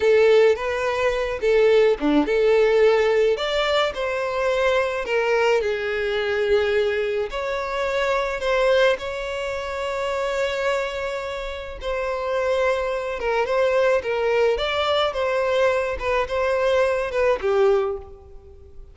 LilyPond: \new Staff \with { instrumentName = "violin" } { \time 4/4 \tempo 4 = 107 a'4 b'4. a'4 d'8 | a'2 d''4 c''4~ | c''4 ais'4 gis'2~ | gis'4 cis''2 c''4 |
cis''1~ | cis''4 c''2~ c''8 ais'8 | c''4 ais'4 d''4 c''4~ | c''8 b'8 c''4. b'8 g'4 | }